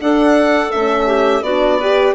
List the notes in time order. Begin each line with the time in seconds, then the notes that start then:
0.00 D4 A4 F#5
0.71 A3 C#4 E5
1.06 G4
1.42 B3 D4 F#4 D5
1.78 G4 B4